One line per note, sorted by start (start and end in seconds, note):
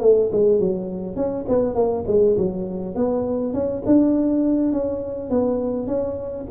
0.00 0.29 A3
0.32 0.59 G#3
0.59 1.16 F#3
1.16 1.45 C#4
1.48 1.75 B3
1.75 2.04 A#3
2.07 2.36 G#3
2.37 2.95 F#3
2.95 3.53 B3
3.53 3.83 C#4
3.86 4.72 D4
4.72 5.30 C#4
5.30 5.87 B3
5.87 6.45 C#4